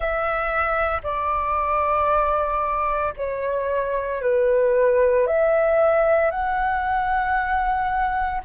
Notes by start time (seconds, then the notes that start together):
0.00 E5
1.03 D5
3.16 C#5
4.21 B4
5.26 E5
6.30 F#5